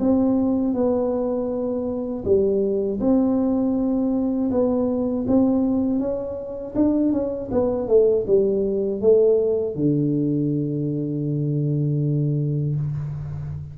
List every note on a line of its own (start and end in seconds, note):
0.00 0.74 C4
0.74 2.24 B3
2.25 3.00 G3
3.00 4.50 C4
4.51 5.26 B3
5.27 5.99 C4
5.99 6.74 C#4
6.75 7.12 D4
7.12 7.50 C#4
7.51 7.88 B3
7.88 8.25 A3
8.27 9.01 G3
9.01 9.75 A3
9.75 12.75 D3